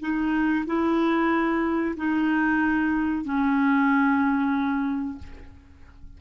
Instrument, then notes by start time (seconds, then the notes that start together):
clarinet
0.00 D#4
0.66 E4
1.96 D#4
3.24 C#4